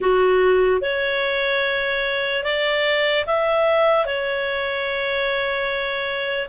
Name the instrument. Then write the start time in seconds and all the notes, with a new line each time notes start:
clarinet
0.00 F#4
0.81 C#5
2.43 D5
3.26 E5
4.05 C#5